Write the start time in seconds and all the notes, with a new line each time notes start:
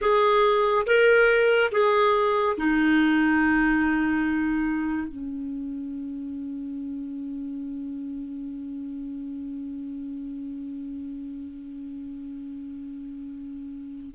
0.01 G#4
0.86 A#4
1.71 G#4
2.57 D#4
5.07 C#4